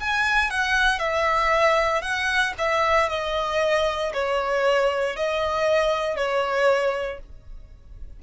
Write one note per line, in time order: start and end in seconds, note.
0.00 0.50 G#5
0.50 0.99 F#5
0.99 2.02 E5
2.02 2.53 F#5
2.59 3.09 E5
3.09 4.12 D#5
4.14 5.16 C#5
5.16 6.16 D#5
6.16 7.19 C#5